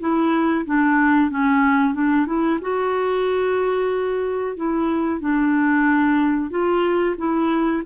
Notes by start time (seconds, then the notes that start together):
0.00 E4
0.65 D4
1.30 C#4
1.94 D4
2.26 E4
2.61 F#4
4.57 E4
5.20 D4
6.50 F4
7.17 E4